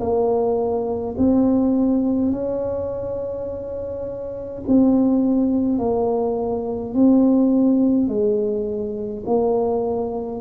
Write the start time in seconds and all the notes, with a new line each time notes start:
0.00 A#3
1.18 C4
2.32 C#4
4.68 C4
5.79 A#3
6.94 C4
8.09 G#3
9.27 A#3